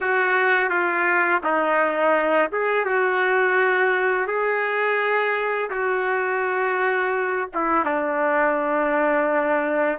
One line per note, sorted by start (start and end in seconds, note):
0.01 0.69 F#4
0.69 1.41 F4
1.43 2.50 D#4
2.52 2.85 G#4
2.85 4.27 F#4
4.27 5.69 G#4
5.70 7.49 F#4
7.54 7.85 E4
7.85 9.98 D4